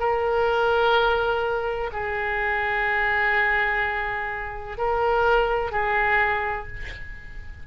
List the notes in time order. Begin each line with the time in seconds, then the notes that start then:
0.00 A#4
1.93 G#4
4.78 A#4
5.72 G#4